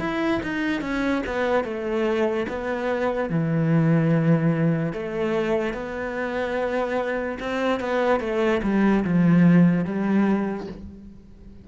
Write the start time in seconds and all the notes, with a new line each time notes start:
0.00 E4
0.43 D#4
0.81 C#4
1.27 B3
1.64 A3
2.49 B3
3.30 E3
4.93 A3
5.74 B3
7.40 C4
7.80 B3
8.20 A3
8.63 G3
9.04 F3
9.85 G3